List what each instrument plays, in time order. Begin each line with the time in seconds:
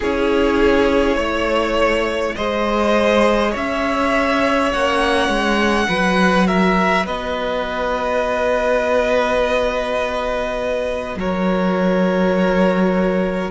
0.00 cello C#4, viola E4, violin G#4 C#5
1.16 cello A3, violin C#5
2.35 cello G#3, viola G#4, violin C5 D#5
3.51 cello C#4, violin C#5 E5
4.70 cello A#3, viola C#4, violin F#5
5.28 cello G#3
5.87 cello F#3, viola F#4, violin B4
6.47 violin A#4 E5
7.05 cello B3, violin B4 D#5
11.16 cello F#3, violin A#4 C#5